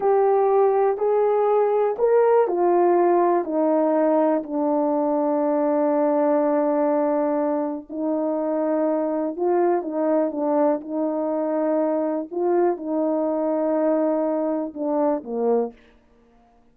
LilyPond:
\new Staff \with { instrumentName = "horn" } { \time 4/4 \tempo 4 = 122 g'2 gis'2 | ais'4 f'2 dis'4~ | dis'4 d'2.~ | d'1 |
dis'2. f'4 | dis'4 d'4 dis'2~ | dis'4 f'4 dis'2~ | dis'2 d'4 ais4 | }